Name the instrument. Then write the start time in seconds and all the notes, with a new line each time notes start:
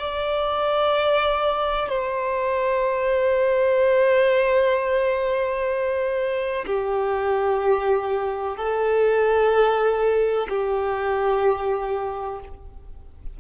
violin
0.00 D5
1.89 C5
6.67 G4
8.57 A4
10.50 G4